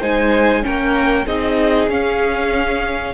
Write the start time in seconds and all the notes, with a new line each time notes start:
0.00 G#3 D#4 C5 G#5
0.63 A#3 C#4 A#4 G5
1.26 C4 D#4 G#4 D#5
1.89 C#4 F5